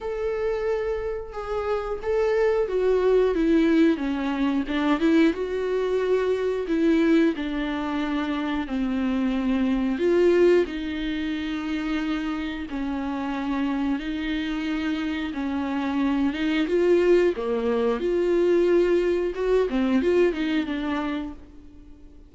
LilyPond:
\new Staff \with { instrumentName = "viola" } { \time 4/4 \tempo 4 = 90 a'2 gis'4 a'4 | fis'4 e'4 cis'4 d'8 e'8 | fis'2 e'4 d'4~ | d'4 c'2 f'4 |
dis'2. cis'4~ | cis'4 dis'2 cis'4~ | cis'8 dis'8 f'4 ais4 f'4~ | f'4 fis'8 c'8 f'8 dis'8 d'4 | }